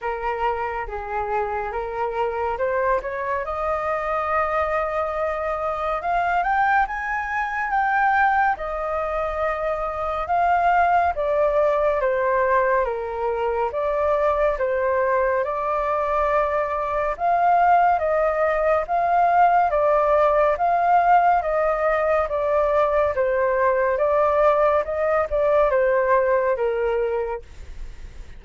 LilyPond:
\new Staff \with { instrumentName = "flute" } { \time 4/4 \tempo 4 = 70 ais'4 gis'4 ais'4 c''8 cis''8 | dis''2. f''8 g''8 | gis''4 g''4 dis''2 | f''4 d''4 c''4 ais'4 |
d''4 c''4 d''2 | f''4 dis''4 f''4 d''4 | f''4 dis''4 d''4 c''4 | d''4 dis''8 d''8 c''4 ais'4 | }